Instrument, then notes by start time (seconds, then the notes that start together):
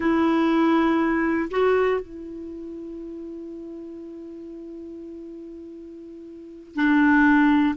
clarinet
0.00 E4
1.50 F#4
2.00 E4
6.75 D4